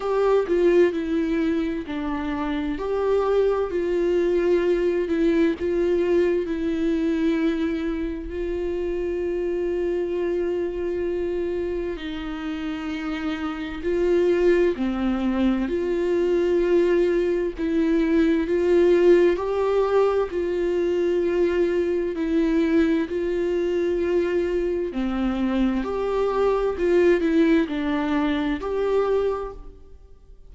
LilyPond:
\new Staff \with { instrumentName = "viola" } { \time 4/4 \tempo 4 = 65 g'8 f'8 e'4 d'4 g'4 | f'4. e'8 f'4 e'4~ | e'4 f'2.~ | f'4 dis'2 f'4 |
c'4 f'2 e'4 | f'4 g'4 f'2 | e'4 f'2 c'4 | g'4 f'8 e'8 d'4 g'4 | }